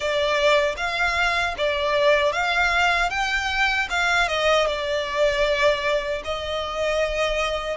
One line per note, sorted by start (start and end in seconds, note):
0.00 0.75 D5
0.77 1.54 F5
1.57 2.32 D5
2.32 3.10 F5
3.10 3.87 G5
3.90 4.28 F5
4.28 4.66 D#5
4.66 6.22 D5
6.24 7.76 D#5